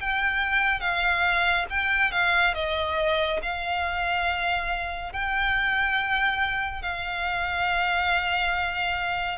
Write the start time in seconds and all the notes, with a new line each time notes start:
0.00 G5
0.80 F5
1.70 G5
2.12 F5
2.54 D#5
3.42 F5
5.12 G5
6.82 F5